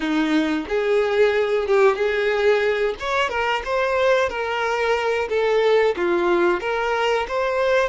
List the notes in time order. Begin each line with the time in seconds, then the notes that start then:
0.00 D#4
0.68 G#4
1.67 G4
1.96 G#4
2.99 C#5
3.29 A#4
3.64 C5
4.29 A#4
5.29 A4
5.96 F4
6.60 A#4
7.28 C5